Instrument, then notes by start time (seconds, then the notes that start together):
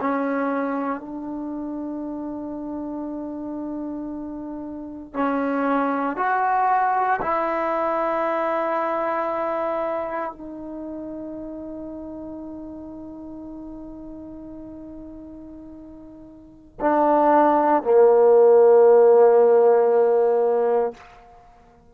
trombone
0.00 C#4
1.00 D4
5.13 C#4
6.16 F#4
7.21 E4
10.32 D#4
16.80 D4
17.83 A#3